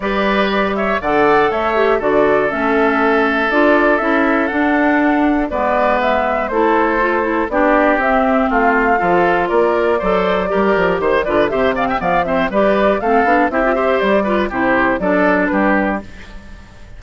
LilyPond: <<
  \new Staff \with { instrumentName = "flute" } { \time 4/4 \tempo 4 = 120 d''4. e''8 fis''4 e''4 | d''4 e''2 d''4 | e''4 fis''2 d''4 | e''4 c''2 d''4 |
e''4 f''2 d''4~ | d''2 c''8 d''8 e''8 f''16 g''16 | f''8 e''8 d''4 f''4 e''4 | d''4 c''4 d''4 b'4 | }
  \new Staff \with { instrumentName = "oboe" } { \time 4/4 b'4. cis''8 d''4 cis''4 | a'1~ | a'2. b'4~ | b'4 a'2 g'4~ |
g'4 f'4 a'4 ais'4 | c''4 ais'4 c''8 b'8 c''8 d''16 e''16 | d''8 c''8 b'4 a'4 g'8 c''8~ | c''8 b'8 g'4 a'4 g'4 | }
  \new Staff \with { instrumentName = "clarinet" } { \time 4/4 g'2 a'4. g'8 | fis'4 cis'2 f'4 | e'4 d'2 b4~ | b4 e'4 f'8 e'8 d'4 |
c'2 f'2 | a'4 g'4. f'8 g'8 c'8 | b8 c'8 g'4 c'8 d'8 e'16 f'16 g'8~ | g'8 f'8 e'4 d'2 | }
  \new Staff \with { instrumentName = "bassoon" } { \time 4/4 g2 d4 a4 | d4 a2 d'4 | cis'4 d'2 gis4~ | gis4 a2 b4 |
c'4 a4 f4 ais4 | fis4 g8 f8 dis8 d8 c4 | f4 g4 a8 b8 c'4 | g4 c4 fis4 g4 | }
>>